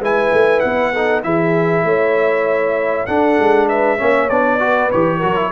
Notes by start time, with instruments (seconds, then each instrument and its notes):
0.00 tuba G#3, trombone E4, horn B4, trumpet G#5
0.32 tuba A3
0.60 tuba B3, trumpet F#5
0.93 trombone D#4, horn A4
1.24 tuba E3, trombone E4, horn G#4, trumpet E5
1.84 tuba A3, horn C#5
3.06 tuba D4, trombone D4, horn A4, trumpet F#5
3.39 tuba G#3
3.69 horn B4, trumpet E5
3.97 tuba A#3, trombone C#4, horn C#5
4.30 tuba B3, trombone D4, trumpet D5
4.60 trombone F#4, horn B4
4.92 tuba E3, trombone G4, trumpet C#5
5.18 tuba F#3, trombone F#4, horn A#4
5.36 trombone E4